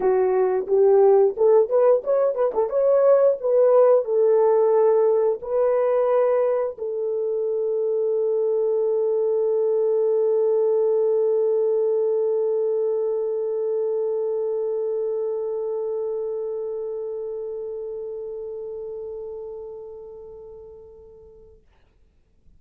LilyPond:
\new Staff \with { instrumentName = "horn" } { \time 4/4 \tempo 4 = 89 fis'4 g'4 a'8 b'8 cis''8 b'16 a'16 | cis''4 b'4 a'2 | b'2 a'2~ | a'1~ |
a'1~ | a'1~ | a'1~ | a'1 | }